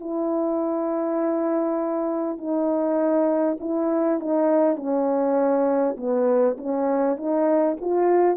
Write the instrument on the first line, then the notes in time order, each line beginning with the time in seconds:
horn
0.00 E4
2.38 D#4
3.60 E4
4.20 D#4
4.76 C#4
5.97 B3
6.58 C#4
7.17 D#4
7.81 F4